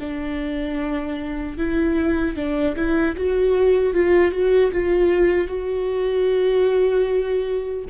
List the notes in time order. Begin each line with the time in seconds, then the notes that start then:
0.00 D4
1.57 E4
2.36 D4
2.76 E4
3.16 F#4
3.94 F4
4.31 F#4
4.71 F4
5.47 F#4